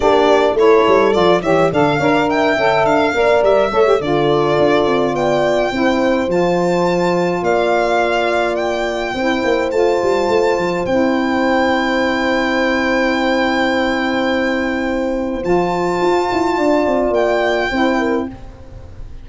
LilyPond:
<<
  \new Staff \with { instrumentName = "violin" } { \time 4/4 \tempo 4 = 105 d''4 cis''4 d''8 e''8 f''4 | g''4 f''4 e''4 d''4~ | d''4 g''2 a''4~ | a''4 f''2 g''4~ |
g''4 a''2 g''4~ | g''1~ | g''2. a''4~ | a''2 g''2 | }
  \new Staff \with { instrumentName = "horn" } { \time 4/4 g'4 a'4. cis''8 d''8 cis''16 d''16 | e''4. d''4 cis''8 a'4~ | a'4 d''4 c''2~ | c''4 d''2. |
c''1~ | c''1~ | c''1~ | c''4 d''2 c''8 ais'8 | }
  \new Staff \with { instrumentName = "saxophone" } { \time 4/4 d'4 e'4 f'8 g'8 a'8 ais'8~ | ais'8 a'4 ais'4 a'16 g'16 f'4~ | f'2 e'4 f'4~ | f'1 |
e'4 f'2 e'4~ | e'1~ | e'2. f'4~ | f'2. e'4 | }
  \new Staff \with { instrumentName = "tuba" } { \time 4/4 ais4 a8 g8 f8 e8 d8 d'8~ | d'8 cis'8 d'8 ais8 g8 a8 d4 | d'8 c'8 b4 c'4 f4~ | f4 ais2. |
c'8 ais8 a8 g8 a8 f8 c'4~ | c'1~ | c'2. f4 | f'8 e'8 d'8 c'8 ais4 c'4 | }
>>